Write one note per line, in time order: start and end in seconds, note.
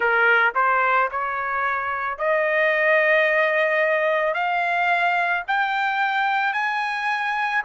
0.00 0.52 A#4
0.55 1.09 C5
1.11 2.18 C#5
2.18 4.33 D#5
4.33 5.42 F5
5.47 6.53 G5
6.53 7.62 G#5